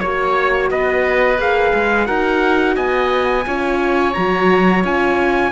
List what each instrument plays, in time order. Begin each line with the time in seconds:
0.00 cello A#3, horn F#4, trumpet C#5, oboe C#5
0.71 cello B3, oboe B4, trumpet D#5
1.39 cello A#3, horn G#4, trumpet F5
1.74 cello G#3
2.06 cello D#4, horn F#4, oboe A#4, trumpet F#5
2.75 cello B3, oboe D#5, trumpet G#5
3.46 cello C#4, horn F4, oboe C#5
4.14 cello F#3, horn F#4, trumpet A#5
4.84 cello C#4, horn F4, trumpet G#5